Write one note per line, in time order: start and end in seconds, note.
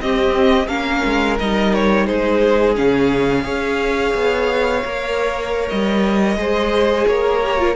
0.00 0.69 C4
0.00 0.68 C4
0.00 0.69 G4
0.00 0.68 D#5
0.68 1.02 A#3
0.68 1.38 C#4
0.68 2.07 A#4
0.68 1.37 F5
1.05 1.40 G#3
1.40 2.09 G3
1.40 2.76 D#4
1.40 1.74 D#5
1.74 2.06 C#5
2.06 2.78 G#3
2.06 3.45 G#4
2.06 2.75 C5
2.76 3.45 C#3
2.76 3.44 C#4
2.76 5.69 F5
3.44 4.14 C#4
3.44 4.81 G#4
3.44 6.38 C#5
4.15 4.84 B3
4.85 5.71 A#3
4.85 6.38 A#4
5.69 6.36 G3
5.69 7.07 D#5
6.36 7.05 G#3
6.36 7.42 G#4
6.36 7.09 C5
7.07 7.76 A#3
7.07 7.76 A#4
7.07 7.76 C#5
7.43 7.58 G4
7.58 7.75 F4